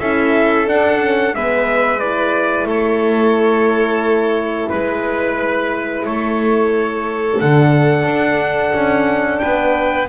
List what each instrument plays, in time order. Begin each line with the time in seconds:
0.00 double bass C#4, horn E4, violin A4, trumpet E5
0.66 horn D4, double bass D4, trumpet F#5
1.00 horn C#4
1.34 double bass G#3, horn B3, violin B4, trumpet E5
1.99 horn E4, trumpet D5
2.64 double bass A3, violin A4, trumpet C#5
4.69 double bass G#3, trumpet B4, violin B4
6.05 double bass A3, violin A4, trumpet C#5
7.40 double bass D3, horn D4, trumpet F#5
8.05 double bass D4
8.74 double bass C#4
9.39 double bass B3, violin B4, trumpet G5